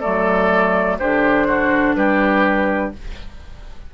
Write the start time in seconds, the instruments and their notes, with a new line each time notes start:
0.00 bassoon F#3, clarinet A3, oboe A4, flute D5
0.99 bassoon D3, clarinet D4, oboe G4, flute C5
1.47 oboe F#4
1.95 bassoon G3, oboe G4, flute B4